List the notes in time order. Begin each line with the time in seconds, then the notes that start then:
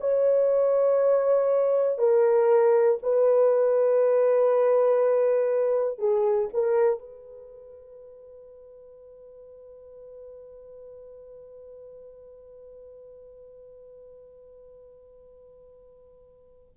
0.00 C#5
1.98 A#4
3.02 B4
5.98 G#4
6.53 A#4
6.99 B4